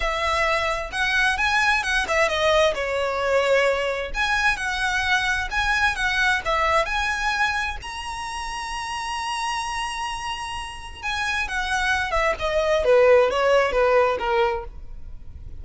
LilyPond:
\new Staff \with { instrumentName = "violin" } { \time 4/4 \tempo 4 = 131 e''2 fis''4 gis''4 | fis''8 e''8 dis''4 cis''2~ | cis''4 gis''4 fis''2 | gis''4 fis''4 e''4 gis''4~ |
gis''4 ais''2.~ | ais''1 | gis''4 fis''4. e''8 dis''4 | b'4 cis''4 b'4 ais'4 | }